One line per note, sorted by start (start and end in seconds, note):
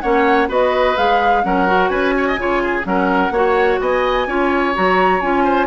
0.00 0.48 A#3
0.00 0.48 C#4
0.00 0.48 C#5
0.00 0.47 F#5
0.48 0.95 B3
0.48 0.95 F#4
0.48 1.42 B4
0.48 0.97 D#5
0.97 1.44 G#3
0.97 1.43 G#4
0.97 1.44 F5
1.43 1.89 F#3
1.43 1.66 C#4
1.43 1.89 A#4
1.43 1.88 F#5
1.66 2.37 F#4
1.88 2.37 C#4
1.88 2.13 B4
1.88 2.83 G#5
2.17 2.27 C#5
2.27 2.39 D#5
2.37 2.84 C#3
2.37 2.82 F4
2.37 2.62 C#5
2.62 2.86 G#4
2.82 3.30 F#3
2.82 3.29 C#4
2.82 3.32 A#4
2.82 3.80 F#5
3.30 3.77 A#3
3.30 4.27 F#4
3.30 3.80 C#5
3.80 4.26 B3
3.80 4.27 D#5
3.80 4.74 G#5
4.26 4.74 C#4
4.26 4.74 F4
4.26 5.44 C#5
4.74 5.21 F#3
4.74 5.21 F#4
4.74 5.20 A#5
5.20 5.66 C#4
5.20 5.66 F4
5.20 5.66 G#5
5.44 5.66 C5